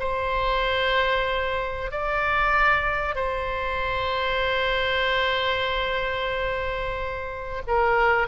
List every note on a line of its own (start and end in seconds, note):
0.00 1.91 C5
1.91 3.16 D5
3.16 7.62 C5
7.67 8.28 A#4